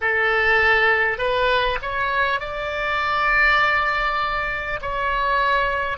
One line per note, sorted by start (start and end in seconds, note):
0.01 1.17 A4
1.17 1.77 B4
1.82 2.39 C#5
2.39 4.79 D5
4.81 5.97 C#5